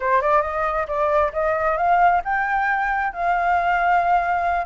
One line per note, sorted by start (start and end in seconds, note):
0.00 0.21 C5
0.21 0.42 D5
0.42 0.86 D#5
0.87 1.32 D5
1.32 1.77 D#5
1.77 2.21 F5
2.24 3.13 G5
3.13 4.65 F5